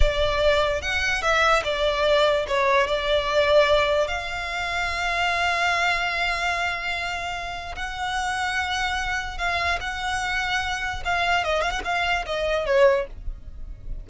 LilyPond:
\new Staff \with { instrumentName = "violin" } { \time 4/4 \tempo 4 = 147 d''2 fis''4 e''4 | d''2 cis''4 d''4~ | d''2 f''2~ | f''1~ |
f''2. fis''4~ | fis''2. f''4 | fis''2. f''4 | dis''8 f''16 fis''16 f''4 dis''4 cis''4 | }